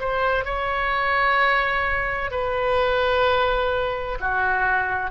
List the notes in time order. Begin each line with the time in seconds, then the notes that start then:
0.00 C5
0.46 C#5
2.31 B4
4.21 F#4